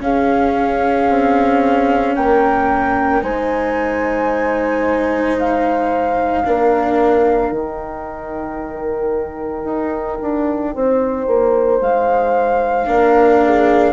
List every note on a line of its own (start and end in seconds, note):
0.00 1.07 C#4
0.00 3.23 C#4
0.00 2.17 G#4
0.00 2.16 F5
1.10 2.17 C4
2.16 3.23 A#3
2.16 3.23 A#4
2.16 3.23 G5
3.23 6.44 G#3
3.23 6.44 D#4
3.23 6.45 C5
3.23 5.38 G#5
5.40 7.53 F5
6.45 7.52 A#3
6.45 7.52 D4
6.45 10.75 A#4
7.52 9.65 D#3
7.52 12.87 D#4
7.52 11.81 G5
9.65 10.18 D#4
10.22 10.75 D4
10.75 11.27 C4
10.75 12.89 C5
11.27 11.81 A#3
11.81 12.87 G#3
11.81 13.93 F5
12.87 13.93 A#3
12.87 13.93 D4
12.87 13.42 A#4
13.46 13.93 G#4